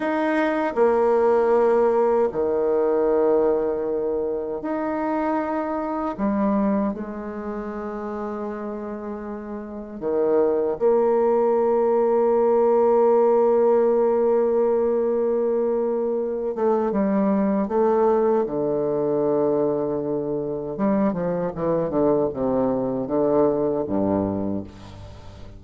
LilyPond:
\new Staff \with { instrumentName = "bassoon" } { \time 4/4 \tempo 4 = 78 dis'4 ais2 dis4~ | dis2 dis'2 | g4 gis2.~ | gis4 dis4 ais2~ |
ais1~ | ais4. a8 g4 a4 | d2. g8 f8 | e8 d8 c4 d4 g,4 | }